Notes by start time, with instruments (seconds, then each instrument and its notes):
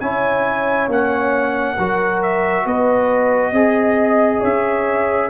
0.00 tuba C#4, trombone E4, horn C#5, trumpet G#5
0.88 tuba A#3, trombone C#4, trumpet F#5
1.77 tuba F#3, trombone F#4, horn A#4
2.23 trumpet E5
2.65 tuba B3, horn B4, trumpet D#5
3.52 tuba C4, trombone G#4, horn D#5
4.40 tuba C#4, horn C#5, trumpet E5